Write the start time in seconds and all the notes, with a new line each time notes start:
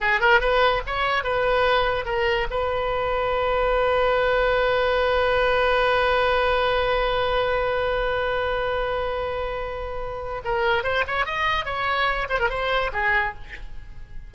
0.00 G#4
0.20 A#4
0.40 B4
0.86 C#5
1.23 B4
2.05 A#4
2.50 B4
10.44 A#4
10.83 C5
11.07 C#5
11.25 D#5
11.65 C#5
12.29 C5
12.39 A#4
12.49 C5
12.92 G#4